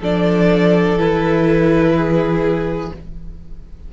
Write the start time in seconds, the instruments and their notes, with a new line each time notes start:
0.00 cello F3, viola D4, violin A4 D5
0.98 cello E3, viola E4, violin B4
1.97 violin G#4